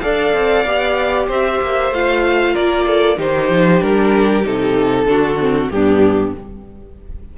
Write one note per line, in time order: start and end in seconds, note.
0.00 0.33 D4
0.00 0.65 A4
0.00 1.28 D5
0.00 1.26 F5
0.33 0.65 C4
0.65 1.28 B3
0.65 1.93 G4
1.28 1.61 C4
1.28 2.53 C5
1.28 1.93 E5
1.61 1.91 A#3
1.91 2.54 A3
1.91 3.17 F4
1.91 2.55 F5
2.53 3.18 A#3
2.53 2.85 A#4
2.53 3.18 D5
2.87 3.17 A4
3.17 3.49 D#3
3.17 3.80 D#4
3.17 5.07 G4
3.17 3.82 C5
3.49 3.81 F3
3.80 4.45 G3
3.80 4.43 D4
3.80 4.45 A#4
4.44 5.05 C3
4.44 5.07 D#4
4.44 5.70 A4
5.05 5.68 D3
5.05 5.39 D4
5.05 5.72 F#4
5.39 5.71 C4
5.70 6.34 G2
5.70 6.37 B3
5.70 6.37 D4
5.70 6.33 G4